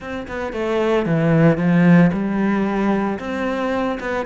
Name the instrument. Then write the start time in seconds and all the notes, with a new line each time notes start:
cello
0.00 C4
0.28 B3
0.53 A3
1.06 E3
1.57 F3
2.12 G3
3.19 C4
4.00 B3